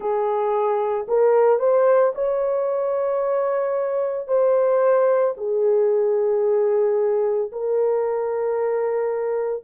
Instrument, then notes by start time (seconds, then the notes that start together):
horn
0.00 G#4
1.08 A#4
1.59 C5
2.14 C#5
4.27 C5
5.37 G#4
7.51 A#4